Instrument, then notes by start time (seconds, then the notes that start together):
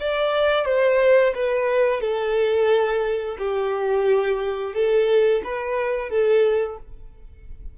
violin
0.00 D5
0.65 C5
1.35 B4
2.01 A4
3.39 G4
4.74 A4
5.44 B4
6.10 A4